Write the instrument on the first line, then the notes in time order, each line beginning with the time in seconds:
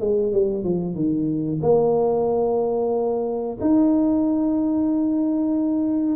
tuba
0.00 G#3
0.33 G3
0.64 F3
0.95 D#3
1.62 A#3
3.61 D#4